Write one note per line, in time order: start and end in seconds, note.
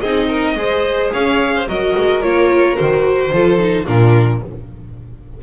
0.00 0.55 C4
0.00 0.57 D#4
0.00 0.28 G#4
0.00 1.10 D#5
0.28 0.55 A#4
0.55 1.10 G#3
0.55 1.67 G#4
0.55 1.13 C5
1.13 1.68 C#4
1.13 1.54 C#5
1.13 1.68 F5
1.55 1.68 C5
1.68 1.95 F#3
1.68 2.22 F#4
1.68 3.33 A#4
1.68 2.22 D#5
1.97 2.23 G#3
2.22 2.78 A#3
2.22 2.76 F4
2.22 2.76 C#5
2.76 3.32 D#3
2.76 3.31 F#4
2.76 3.86 C5
3.32 3.87 F3
3.32 3.58 F4
3.32 3.86 A4
3.58 3.86 D#4
3.86 4.43 A#2
3.86 4.41 D4
3.86 4.41 F4
3.86 4.42 A#4